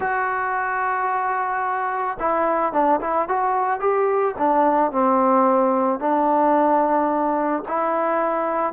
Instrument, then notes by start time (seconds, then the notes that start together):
trombone
0.00 F#4
2.19 E4
2.72 D4
3.00 E4
3.28 F#4
3.80 G4
4.38 D4
4.91 C4
5.99 D4
7.68 E4